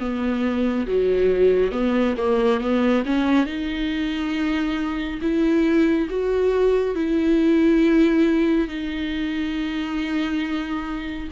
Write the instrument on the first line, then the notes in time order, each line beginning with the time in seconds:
viola
0.00 B3
0.87 F#3
1.72 B3
2.18 A#3
2.61 B3
3.06 C#4
3.47 D#4
5.22 E4
6.10 F#4
6.96 E4
8.68 D#4